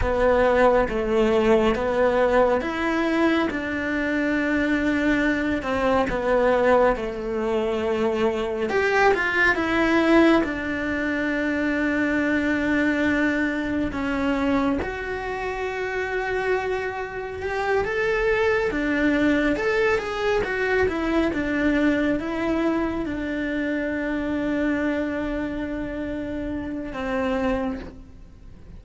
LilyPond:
\new Staff \with { instrumentName = "cello" } { \time 4/4 \tempo 4 = 69 b4 a4 b4 e'4 | d'2~ d'8 c'8 b4 | a2 g'8 f'8 e'4 | d'1 |
cis'4 fis'2. | g'8 a'4 d'4 a'8 gis'8 fis'8 | e'8 d'4 e'4 d'4.~ | d'2. c'4 | }